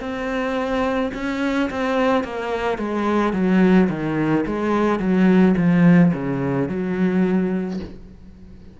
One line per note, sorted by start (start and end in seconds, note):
0.00 1.11 C4
1.14 1.70 C#4
1.70 2.24 C4
2.24 2.78 A#3
2.78 3.33 G#3
3.33 3.88 F#3
3.89 4.45 D#3
4.46 4.99 G#3
4.99 5.55 F#3
5.57 6.13 F3
6.13 6.68 C#3
6.68 7.79 F#3